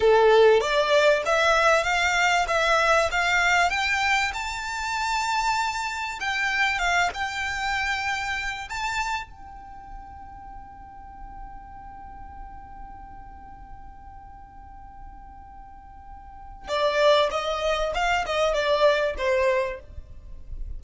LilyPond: \new Staff \with { instrumentName = "violin" } { \time 4/4 \tempo 4 = 97 a'4 d''4 e''4 f''4 | e''4 f''4 g''4 a''4~ | a''2 g''4 f''8 g''8~ | g''2 a''4 g''4~ |
g''1~ | g''1~ | g''2. d''4 | dis''4 f''8 dis''8 d''4 c''4 | }